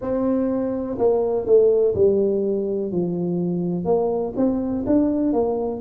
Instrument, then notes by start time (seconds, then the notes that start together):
tuba
0.00 C4
0.98 A#3
1.46 A3
1.94 G3
2.91 F3
3.84 A#3
4.36 C4
4.86 D4
5.32 A#3